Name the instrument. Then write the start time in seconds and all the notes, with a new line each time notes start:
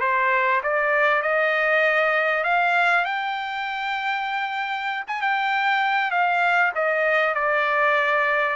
trumpet
0.00 C5
0.63 D5
1.22 D#5
2.44 F5
3.05 G5
5.07 G#5
5.21 G5
6.11 F5
6.75 D#5
7.34 D5